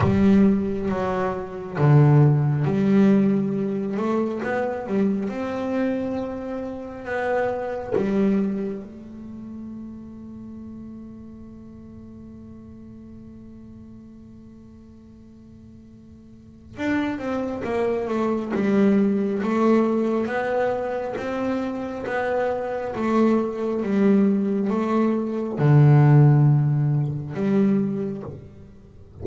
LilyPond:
\new Staff \with { instrumentName = "double bass" } { \time 4/4 \tempo 4 = 68 g4 fis4 d4 g4~ | g8 a8 b8 g8 c'2 | b4 g4 a2~ | a1~ |
a2. d'8 c'8 | ais8 a8 g4 a4 b4 | c'4 b4 a4 g4 | a4 d2 g4 | }